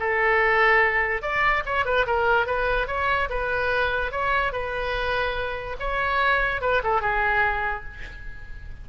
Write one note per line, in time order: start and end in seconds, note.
0.00 1.22 A4
1.22 1.63 D5
1.66 1.85 C#5
1.85 2.06 B4
2.07 2.47 A#4
2.47 2.88 B4
2.88 3.29 C#5
3.30 4.12 B4
4.12 4.53 C#5
4.53 5.77 B4
5.80 6.62 C#5
6.62 6.82 B4
6.84 7.01 A4
7.01 7.84 G#4